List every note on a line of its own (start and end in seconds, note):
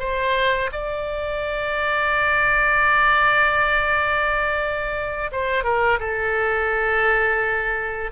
0.00 0.71 C5
0.73 5.32 D5
5.32 5.64 C5
5.64 6.00 A#4
6.00 8.12 A4